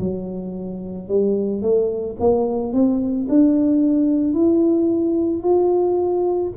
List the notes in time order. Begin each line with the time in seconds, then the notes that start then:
0.00 F#3
1.09 G3
1.62 A3
2.20 A#3
2.73 C4
3.29 D4
4.34 E4
5.43 F4